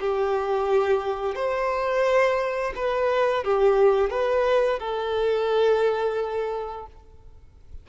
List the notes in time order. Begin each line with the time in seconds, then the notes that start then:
0.00 G4
1.35 C5
2.76 B4
3.44 G4
4.10 B4
4.80 A4